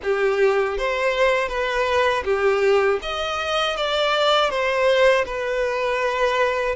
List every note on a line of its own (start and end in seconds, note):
0.02 0.77 G4
0.77 1.48 C5
1.48 2.23 B4
2.24 2.99 G4
3.02 3.76 D#5
3.76 4.50 D5
4.50 5.25 C5
5.25 6.75 B4